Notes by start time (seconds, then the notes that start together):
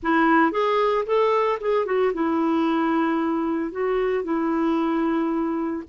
0.02 E4
0.51 G#4
1.05 A4
1.60 G#4
1.85 F#4
2.13 E4
3.71 F#4
4.23 E4